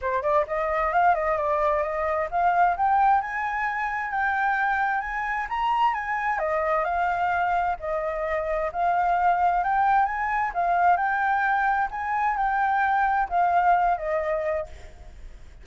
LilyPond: \new Staff \with { instrumentName = "flute" } { \time 4/4 \tempo 4 = 131 c''8 d''8 dis''4 f''8 dis''8 d''4 | dis''4 f''4 g''4 gis''4~ | gis''4 g''2 gis''4 | ais''4 gis''4 dis''4 f''4~ |
f''4 dis''2 f''4~ | f''4 g''4 gis''4 f''4 | g''2 gis''4 g''4~ | g''4 f''4. dis''4. | }